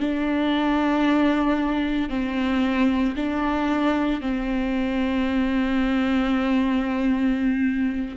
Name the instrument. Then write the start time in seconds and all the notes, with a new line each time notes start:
viola
0.00 D4
2.10 C4
3.17 D4
4.21 C4